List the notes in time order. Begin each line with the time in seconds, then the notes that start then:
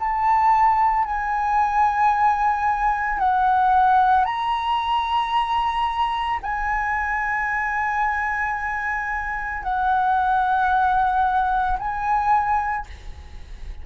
0.00 A5
1.05 G#5
3.19 F#5
4.25 A#5
6.43 G#5
9.64 F#5
11.79 G#5